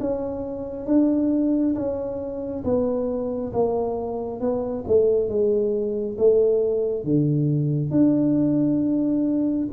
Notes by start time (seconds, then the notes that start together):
0.00 C#4
0.87 D4
1.76 C#4
2.64 B3
3.53 A#3
4.40 B3
4.88 A3
5.29 G#3
6.18 A3
7.04 D3
7.91 D4